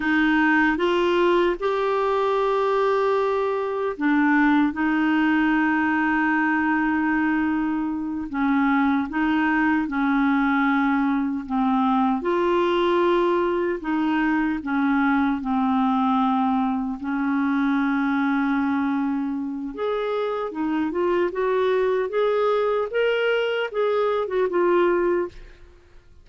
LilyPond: \new Staff \with { instrumentName = "clarinet" } { \time 4/4 \tempo 4 = 76 dis'4 f'4 g'2~ | g'4 d'4 dis'2~ | dis'2~ dis'8 cis'4 dis'8~ | dis'8 cis'2 c'4 f'8~ |
f'4. dis'4 cis'4 c'8~ | c'4. cis'2~ cis'8~ | cis'4 gis'4 dis'8 f'8 fis'4 | gis'4 ais'4 gis'8. fis'16 f'4 | }